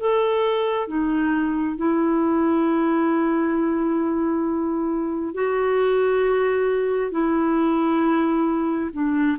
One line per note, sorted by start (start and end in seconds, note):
0.00 0.88 A4
0.88 1.77 D#4
1.77 5.34 E4
5.34 7.12 F#4
7.12 8.91 E4
8.93 9.38 D4